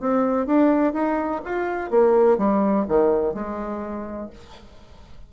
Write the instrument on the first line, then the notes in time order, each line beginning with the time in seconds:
bassoon
0.00 C4
0.46 D4
0.94 D#4
1.45 F4
1.91 A#3
2.38 G3
2.88 D#3
3.34 G#3